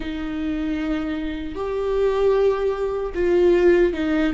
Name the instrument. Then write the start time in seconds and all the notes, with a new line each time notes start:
viola
0.00 D#4
1.55 G4
3.14 F4
3.93 D#4